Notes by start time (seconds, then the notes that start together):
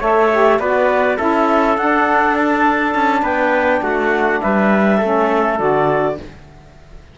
0.00 A3 A4 C#5 E5
0.33 G4
0.59 B3 F#4 B4 D5
1.18 C#4 E4 A4 E5
1.77 D4 F#5
2.36 A5
2.95 C#4
3.22 B3 B4 G5
3.82 A3 F#4 F#5
4.41 G3 B4 E5
4.98 A3 C#4 A4
5.59 D3 F#4 D5